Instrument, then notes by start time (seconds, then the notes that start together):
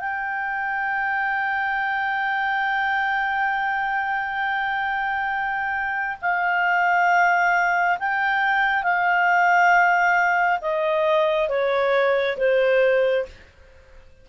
clarinet
0.00 G5
6.22 F5
7.99 G5
8.84 F5
10.62 D#5
11.49 C#5
12.38 C5